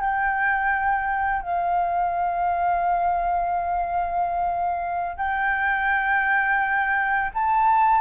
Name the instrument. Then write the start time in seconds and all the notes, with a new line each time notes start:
flute
0.00 G5
1.42 F5
5.16 G5
7.34 A5